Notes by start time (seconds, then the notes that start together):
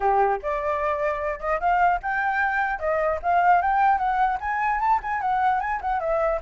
0.00 G4
0.42 D5
1.39 D#5
1.60 F5
2.02 G5
2.79 D#5
3.22 F5
3.61 G5
3.97 F#5
4.40 G#5
4.80 A5
5.02 G#5
5.21 F#5
5.60 G#5
5.81 F#5
5.99 E5